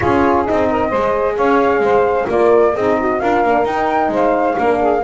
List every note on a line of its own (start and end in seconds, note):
0.00 0.48 C#4
0.00 0.46 F4
0.00 0.69 G#4
0.00 0.45 C#5
0.46 0.92 C4
0.46 0.92 D#4
0.46 1.36 D#5
0.69 0.89 A#4
0.89 1.38 G#3
0.89 2.30 G#4
0.89 1.35 C5
1.36 1.79 C#4
1.36 1.82 C#5
1.36 2.28 F5
1.79 2.25 G#3
1.79 2.28 C5
2.28 2.75 A#3
2.28 2.73 F4
2.28 2.74 A#4
2.28 2.75 D5
2.74 3.20 C4
2.74 3.20 D#4
2.74 2.97 G#4
2.74 3.19 D#5
3.00 3.23 F#4
3.19 3.44 D4
3.19 3.46 F4
3.19 4.11 A#4
3.19 3.65 F5
3.44 3.65 A#3
3.44 3.64 D4
3.64 4.56 D#4
3.64 4.08 D#4
3.64 4.11 G5
4.08 4.54 G#3
4.08 4.56 C5
4.15 5.04 F5
4.56 5.04 A#3
4.56 5.03 D4
4.56 4.79 A#4
4.80 5.03 G#4